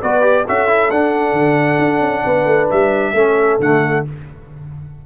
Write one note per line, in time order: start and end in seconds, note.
0.00 0.47 B3
0.00 0.21 F#4
0.00 0.45 B4
0.00 0.46 D5
0.21 0.43 G4
0.45 0.91 C#4
0.45 0.67 F#4
0.45 2.24 A4
0.45 0.90 E5
0.67 0.90 E4
0.90 1.32 D4
0.90 3.15 D4
0.90 2.69 F#5
1.32 1.77 D3
1.78 2.00 D4
2.00 2.23 C#4
2.24 2.45 B3
2.24 3.14 B4
2.45 2.67 A3
2.70 3.13 G3
2.70 3.60 E5
3.13 3.58 A3
3.13 3.60 C#4
3.13 4.03 A4
3.59 4.04 D3
3.59 4.05 A3
3.59 4.05 F#5